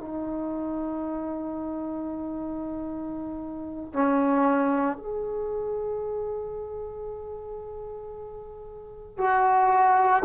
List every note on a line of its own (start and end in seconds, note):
0.00 3.93 D#4
3.93 4.97 C#4
4.97 9.18 G#4
9.18 10.23 F#4